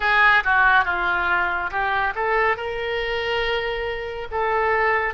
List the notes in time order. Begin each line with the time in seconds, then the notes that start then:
0.00 G#4
0.44 F#4
0.84 F4
1.70 G4
2.15 A4
2.56 A#4
4.31 A4